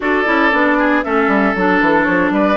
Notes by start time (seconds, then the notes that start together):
0.00 D4 F#4 A4 D5
0.25 C#4 E4
0.52 B3 D4
0.78 G#4
1.03 A3 C#4 A4 E5
1.27 G3
1.55 F#3 D4 A4
1.80 E3
2.03 F3 C#5
2.30 G3 B4 D5